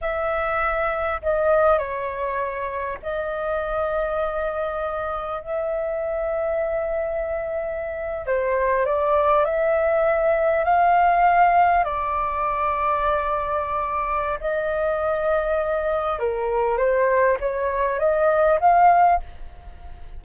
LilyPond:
\new Staff \with { instrumentName = "flute" } { \time 4/4 \tempo 4 = 100 e''2 dis''4 cis''4~ | cis''4 dis''2.~ | dis''4 e''2.~ | e''4.~ e''16 c''4 d''4 e''16~ |
e''4.~ e''16 f''2 d''16~ | d''1 | dis''2. ais'4 | c''4 cis''4 dis''4 f''4 | }